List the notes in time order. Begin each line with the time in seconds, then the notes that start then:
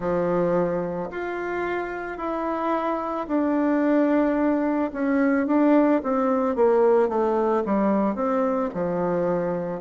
0.00 F3
1.10 F4
2.17 E4
3.27 D4
4.92 C#4
5.46 D4
6.03 C4
6.55 A#3
7.09 A3
7.65 G3
8.15 C4
8.74 F3